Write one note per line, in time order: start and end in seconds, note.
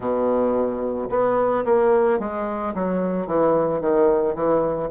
0.00 1.09 B2
1.09 1.64 B3
1.65 2.19 A#3
2.19 2.73 G#3
2.74 3.27 F#3
3.27 3.80 E3
3.80 4.34 D#3
4.34 4.89 E3